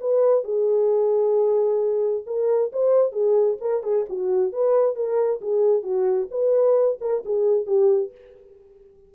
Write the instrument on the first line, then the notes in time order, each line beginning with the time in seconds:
horn
0.00 B4
0.44 G#4
2.26 A#4
2.72 C5
3.12 G#4
3.60 A#4
3.83 G#4
4.09 F#4
4.52 B4
4.95 A#4
5.41 G#4
5.83 F#4
6.30 B4
7.00 A#4
7.25 G#4
7.66 G4